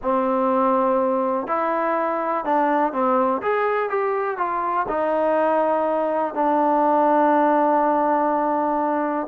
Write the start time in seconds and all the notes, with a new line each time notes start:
0.02 C4
1.47 E4
2.45 D4
2.93 C4
3.41 G#4
3.89 G4
4.37 F4
4.88 D#4
6.34 D4